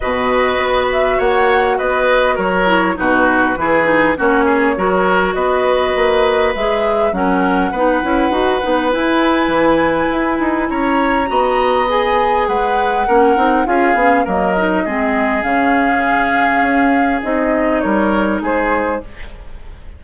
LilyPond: <<
  \new Staff \with { instrumentName = "flute" } { \time 4/4 \tempo 4 = 101 dis''4. e''8 fis''4 dis''4 | cis''4 b'2 cis''4~ | cis''4 dis''2 e''4 | fis''2. gis''4~ |
gis''2 ais''2 | gis''4 fis''2 f''4 | dis''2 f''2~ | f''4 dis''4 cis''4 c''4 | }
  \new Staff \with { instrumentName = "oboe" } { \time 4/4 b'2 cis''4 b'4 | ais'4 fis'4 gis'4 fis'8 gis'8 | ais'4 b'2. | ais'4 b'2.~ |
b'2 cis''4 dis''4~ | dis''4 b'4 ais'4 gis'4 | ais'4 gis'2.~ | gis'2 ais'4 gis'4 | }
  \new Staff \with { instrumentName = "clarinet" } { \time 4/4 fis'1~ | fis'8 e'8 dis'4 e'8 dis'8 cis'4 | fis'2. gis'4 | cis'4 dis'8 e'8 fis'8 dis'8 e'4~ |
e'2. fis'4 | gis'2 cis'8 dis'8 f'8 cis'8 | ais8 dis'8 c'4 cis'2~ | cis'4 dis'2. | }
  \new Staff \with { instrumentName = "bassoon" } { \time 4/4 b,4 b4 ais4 b4 | fis4 b,4 e4 ais4 | fis4 b4 ais4 gis4 | fis4 b8 cis'8 dis'8 b8 e'4 |
e4 e'8 dis'8 cis'4 b4~ | b4 gis4 ais8 c'8 cis'8 b8 | fis4 gis4 cis2 | cis'4 c'4 g4 gis4 | }
>>